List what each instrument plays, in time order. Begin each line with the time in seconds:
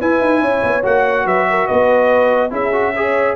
0.00 trombone E4, tuba E4, horn B4, trumpet G#5
0.21 tuba D#4
0.41 tuba C#4, horn C#5
0.64 tuba B3
0.83 tuba A#3, trombone F#4, trumpet F#5
1.26 tuba F#3, horn B4, trumpet E5
1.50 horn A#4
1.67 tuba B3, horn B4, trumpet D#5
2.51 tuba C#4, trombone E4, horn G#4, trumpet E5
2.73 trombone F#4
2.96 trombone G#4, horn C#5